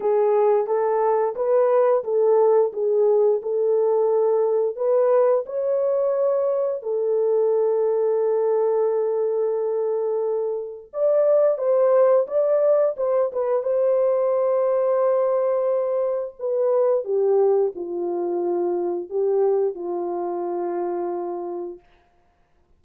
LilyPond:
\new Staff \with { instrumentName = "horn" } { \time 4/4 \tempo 4 = 88 gis'4 a'4 b'4 a'4 | gis'4 a'2 b'4 | cis''2 a'2~ | a'1 |
d''4 c''4 d''4 c''8 b'8 | c''1 | b'4 g'4 f'2 | g'4 f'2. | }